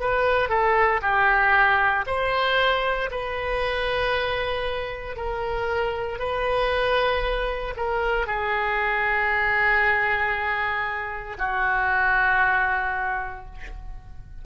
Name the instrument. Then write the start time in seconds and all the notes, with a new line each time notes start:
oboe
0.00 B4
0.49 A4
1.02 G4
2.06 C5
3.11 B4
5.16 A#4
6.19 B4
7.77 A#4
8.27 G#4
11.38 F#4